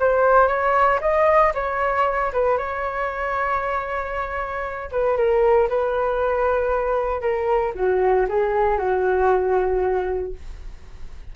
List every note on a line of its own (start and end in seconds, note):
0.00 0.48 C5
0.48 1.00 C#5
1.01 1.53 D#5
1.55 2.32 C#5
2.33 2.58 B4
2.58 4.90 C#5
4.92 5.17 B4
5.17 5.69 A#4
5.69 7.22 B4
7.22 7.73 A#4
7.75 8.27 F#4
8.29 8.78 G#4
8.78 10.34 F#4